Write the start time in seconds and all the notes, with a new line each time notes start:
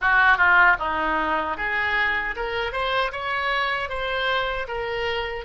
0.01 F#4
0.37 F4
0.79 D#4
1.57 G#4
2.36 A#4
2.72 C5
3.12 C#5
3.89 C5
4.68 A#4